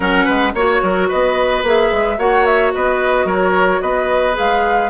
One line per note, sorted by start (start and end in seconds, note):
0.00 0.26 F#3
0.00 0.53 C#4
0.00 0.24 A#4
0.00 0.53 F#5
0.24 0.54 G#3
0.24 0.52 B4
0.54 0.81 A#3
0.54 1.64 F#4
0.54 1.09 C#5
0.54 0.82 C#5
0.82 1.09 F#3
0.82 1.08 A#4
1.08 1.63 B3
1.08 2.17 B4
1.08 1.64 D#5
1.63 1.90 A#3
1.63 2.18 G#4
1.63 2.19 E5
1.92 2.18 G#3
2.18 2.72 A#3
2.18 4.33 F#4
2.18 2.73 C#5
2.18 2.45 F#5
2.45 2.72 E5
2.73 3.24 B3
2.73 3.26 B4
2.73 3.27 D#5
3.24 3.79 F#3
3.24 3.80 A#4
3.24 3.81 C#5
3.81 4.36 B3
3.81 4.89 B4
3.81 4.36 D#5
4.33 4.89 G#3
4.33 4.88 G#4
4.33 4.89 F5